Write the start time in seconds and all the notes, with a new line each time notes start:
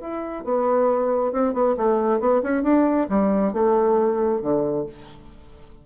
0.00 E4
0.44 B3
1.32 C4
1.53 B3
1.77 A3
2.20 B3
2.42 C#4
2.63 D4
3.09 G3
3.53 A3
4.41 D3